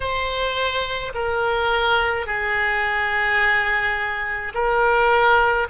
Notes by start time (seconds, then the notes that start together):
0.00 C5
1.14 A#4
2.26 G#4
4.54 A#4